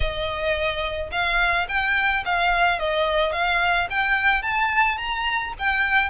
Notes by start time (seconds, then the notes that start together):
0.00 D#5
1.11 F5
1.68 G5
2.25 F5
2.79 D#5
3.32 F5
3.90 G5
4.42 A5
4.97 A#5
5.58 G5